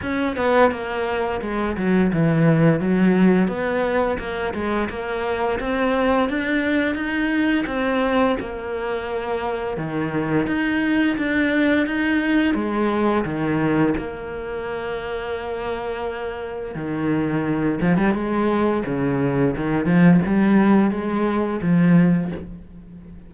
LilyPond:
\new Staff \with { instrumentName = "cello" } { \time 4/4 \tempo 4 = 86 cis'8 b8 ais4 gis8 fis8 e4 | fis4 b4 ais8 gis8 ais4 | c'4 d'4 dis'4 c'4 | ais2 dis4 dis'4 |
d'4 dis'4 gis4 dis4 | ais1 | dis4. f16 g16 gis4 cis4 | dis8 f8 g4 gis4 f4 | }